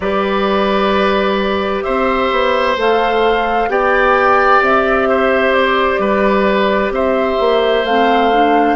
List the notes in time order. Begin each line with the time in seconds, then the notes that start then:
0.00 G3 G4 B4 D5
1.82 C4 C5 E5
2.30 B3
2.76 A3 A4 F5
3.67 B3 G4 D5 G5
4.60 C4 E5
5.08 C5
5.53 D5
5.98 G3 B4
6.90 C4 C5 E5
7.39 A#3
7.84 A3 C4 F5
8.32 D4